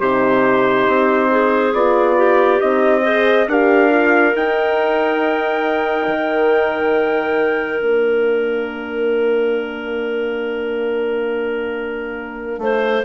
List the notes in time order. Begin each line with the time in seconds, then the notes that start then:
0.00 C3 D#4 G4 C5
0.88 C4
1.31 G#4
1.74 B3 F4 D5
2.18 G4
2.60 C4 D#4 D#5
3.02 G#4 C5
3.48 D4 G4 A#4 F5
3.91 F4
4.35 D#4 G5
6.08 D#3
7.81 A#3 D4 F5
12.59 A3 C5